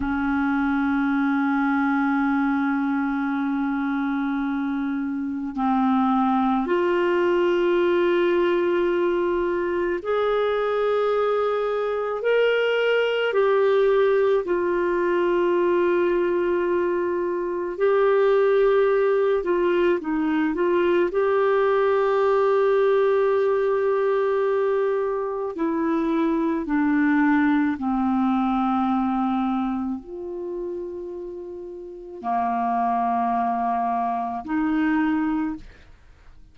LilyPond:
\new Staff \with { instrumentName = "clarinet" } { \time 4/4 \tempo 4 = 54 cis'1~ | cis'4 c'4 f'2~ | f'4 gis'2 ais'4 | g'4 f'2. |
g'4. f'8 dis'8 f'8 g'4~ | g'2. e'4 | d'4 c'2 f'4~ | f'4 ais2 dis'4 | }